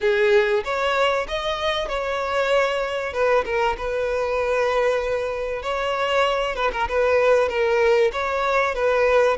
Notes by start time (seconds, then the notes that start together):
0.01 G#4
0.64 C#5
1.28 D#5
1.88 C#5
3.13 B4
3.45 A#4
3.77 B4
5.62 C#5
6.55 B4
6.72 A#4
6.88 B4
7.48 A#4
8.12 C#5
8.74 B4